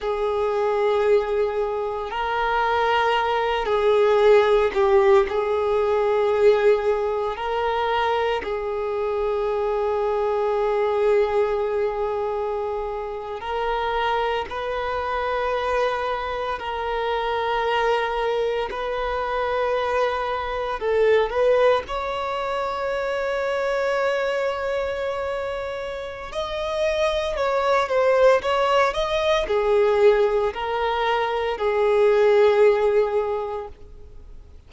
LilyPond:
\new Staff \with { instrumentName = "violin" } { \time 4/4 \tempo 4 = 57 gis'2 ais'4. gis'8~ | gis'8 g'8 gis'2 ais'4 | gis'1~ | gis'8. ais'4 b'2 ais'16~ |
ais'4.~ ais'16 b'2 a'16~ | a'16 b'8 cis''2.~ cis''16~ | cis''4 dis''4 cis''8 c''8 cis''8 dis''8 | gis'4 ais'4 gis'2 | }